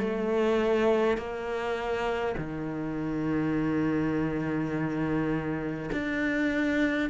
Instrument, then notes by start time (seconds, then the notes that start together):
cello
0.00 A3
1.18 A#3
2.37 D#3
5.93 D4